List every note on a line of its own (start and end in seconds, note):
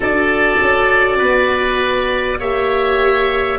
0.00 0.57 D4
0.00 2.39 F#4
0.00 1.18 A4
0.00 2.40 D5
0.60 1.20 C#4
1.18 2.40 B3
1.18 2.38 B4
2.39 3.59 A#3
2.39 3.59 G4
2.39 3.59 C#5
2.39 3.59 E5